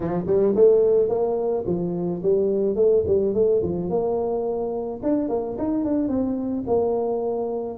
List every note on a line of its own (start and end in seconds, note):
0.00 0.24 F3
0.26 0.54 G3
0.55 1.09 A3
1.09 1.64 A#3
1.66 2.22 F3
2.22 2.75 G3
2.75 3.03 A3
3.06 3.34 G3
3.34 3.61 A3
3.62 3.89 F3
3.89 5.00 A#3
5.03 5.29 D4
5.29 5.56 A#3
5.57 5.84 D#4
5.84 6.08 D4
6.08 6.64 C4
6.66 7.78 A#3